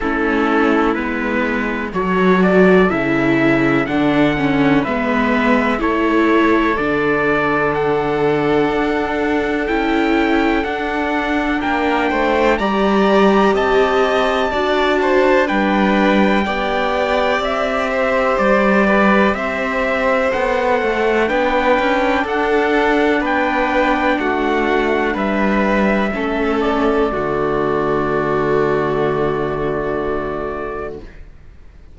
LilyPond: <<
  \new Staff \with { instrumentName = "trumpet" } { \time 4/4 \tempo 4 = 62 a'4 b'4 cis''8 d''8 e''4 | fis''4 e''4 cis''4 d''4 | fis''2 g''4 fis''4 | g''4 ais''4 a''2 |
g''2 e''4 d''4 | e''4 fis''4 g''4 fis''4 | g''4 fis''4 e''4. d''8~ | d''1 | }
  \new Staff \with { instrumentName = "violin" } { \time 4/4 e'2 a'2~ | a'4 b'4 a'2~ | a'1 | ais'8 c''8 d''4 dis''4 d''8 c''8 |
b'4 d''4. c''4 b'8 | c''2 b'4 a'4 | b'4 fis'4 b'4 a'4 | fis'1 | }
  \new Staff \with { instrumentName = "viola" } { \time 4/4 cis'4 b4 fis'4 e'4 | d'8 cis'8 b4 e'4 d'4~ | d'2 e'4 d'4~ | d'4 g'2 fis'4 |
d'4 g'2.~ | g'4 a'4 d'2~ | d'2. cis'4 | a1 | }
  \new Staff \with { instrumentName = "cello" } { \time 4/4 a4 gis4 fis4 cis4 | d4 gis4 a4 d4~ | d4 d'4 cis'4 d'4 | ais8 a8 g4 c'4 d'4 |
g4 b4 c'4 g4 | c'4 b8 a8 b8 cis'8 d'4 | b4 a4 g4 a4 | d1 | }
>>